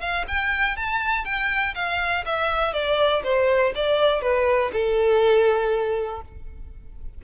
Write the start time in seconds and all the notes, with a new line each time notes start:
0.00 F5
0.27 G5
0.76 A5
1.25 G5
1.75 F5
2.26 E5
2.73 D5
3.24 C5
3.75 D5
4.22 B4
4.73 A4